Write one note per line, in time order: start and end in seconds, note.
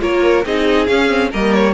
0.00 0.45 A#3
0.00 0.43 F4
0.00 0.46 A#4
0.00 0.45 C#5
0.45 0.89 C4
0.45 0.88 D#4
0.45 1.31 G#4
0.45 0.86 D#5
0.86 1.08 C#4
0.86 1.33 C#4
0.86 1.30 F5
1.08 1.30 C4
1.31 1.74 G3
1.31 1.74 A#3
1.31 1.74 A#4
1.31 1.54 D#5
1.54 1.74 C#5